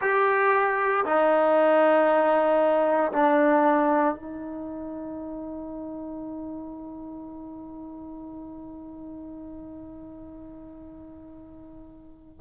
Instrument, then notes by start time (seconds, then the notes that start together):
trombone
0.01 G4
1.05 D#4
3.12 D4
4.15 D#4